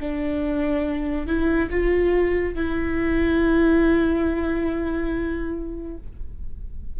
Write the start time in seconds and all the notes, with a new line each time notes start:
0.00 D4
1.26 E4
1.70 F4
2.54 E4